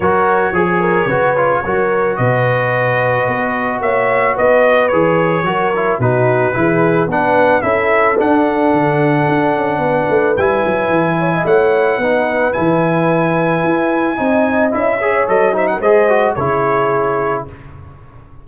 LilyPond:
<<
  \new Staff \with { instrumentName = "trumpet" } { \time 4/4 \tempo 4 = 110 cis''1 | dis''2. e''4 | dis''4 cis''2 b'4~ | b'4 fis''4 e''4 fis''4~ |
fis''2. gis''4~ | gis''4 fis''2 gis''4~ | gis''2. e''4 | dis''8 e''16 fis''16 dis''4 cis''2 | }
  \new Staff \with { instrumentName = "horn" } { \time 4/4 ais'4 gis'8 ais'8 b'4 ais'4 | b'2. cis''4 | b'2 ais'4 fis'4 | gis'4 b'4 a'2~ |
a'2 b'2~ | b'8 cis''16 dis''16 cis''4 b'2~ | b'2 dis''4. cis''8~ | cis''8 c''16 ais'16 c''4 gis'2 | }
  \new Staff \with { instrumentName = "trombone" } { \time 4/4 fis'4 gis'4 fis'8 f'8 fis'4~ | fis'1~ | fis'4 gis'4 fis'8 e'8 dis'4 | e'4 d'4 e'4 d'4~ |
d'2. e'4~ | e'2 dis'4 e'4~ | e'2 dis'4 e'8 gis'8 | a'8 dis'8 gis'8 fis'8 e'2 | }
  \new Staff \with { instrumentName = "tuba" } { \time 4/4 fis4 f4 cis4 fis4 | b,2 b4 ais4 | b4 e4 fis4 b,4 | e4 b4 cis'4 d'4 |
d4 d'8 cis'8 b8 a8 g8 fis8 | e4 a4 b4 e4~ | e4 e'4 c'4 cis'4 | fis4 gis4 cis2 | }
>>